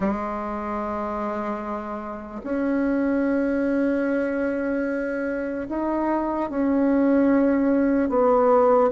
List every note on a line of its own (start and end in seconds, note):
0.00 2.41 G#3
2.43 5.68 C#4
5.68 6.49 D#4
6.50 8.09 C#4
8.09 8.90 B3